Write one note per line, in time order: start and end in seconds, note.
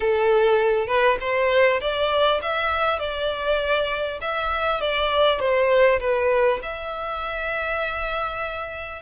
0.00 0.87 A4
0.87 1.17 B4
1.20 1.80 C5
1.81 2.41 D5
2.42 2.99 E5
2.99 4.19 D5
4.21 4.80 E5
4.80 5.39 D5
5.39 5.99 C5
6.00 6.60 B4
6.62 9.02 E5